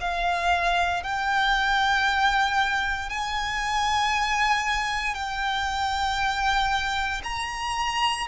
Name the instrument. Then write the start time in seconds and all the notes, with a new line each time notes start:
violin
0.00 F5
1.03 G5
3.09 G#5
5.14 G5
7.23 A#5